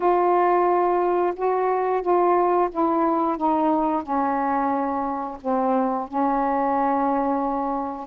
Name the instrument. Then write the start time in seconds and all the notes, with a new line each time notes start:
saxophone
0.00 F4
1.35 F#4
2.01 F4
2.71 E4
3.37 D#4
4.02 C#4
5.41 C4
6.08 C#4